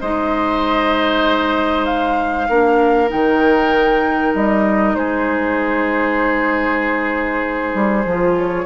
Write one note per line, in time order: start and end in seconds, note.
0.00 2.49 G#3
0.00 2.49 D#4
0.00 2.48 C5
0.00 1.85 D#5
1.85 3.09 F5
2.49 3.11 A#3
2.49 3.07 D4
2.49 4.96 A#4
3.07 4.34 D#3
3.07 8.02 D#4
3.07 4.34 G5
4.34 4.95 G3
4.34 4.95 D#5
4.95 7.73 G#3
4.95 8.65 G#4
4.95 8.35 C5
7.74 8.05 G3
8.05 8.65 F3
8.05 8.65 F4
8.37 8.65 C#5